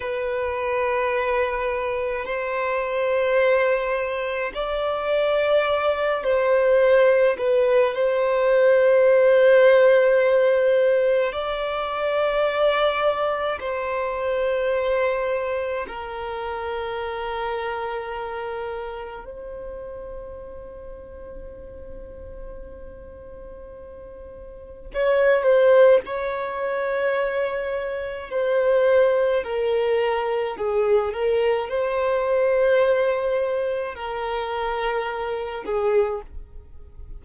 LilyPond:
\new Staff \with { instrumentName = "violin" } { \time 4/4 \tempo 4 = 53 b'2 c''2 | d''4. c''4 b'8 c''4~ | c''2 d''2 | c''2 ais'2~ |
ais'4 c''2.~ | c''2 cis''8 c''8 cis''4~ | cis''4 c''4 ais'4 gis'8 ais'8 | c''2 ais'4. gis'8 | }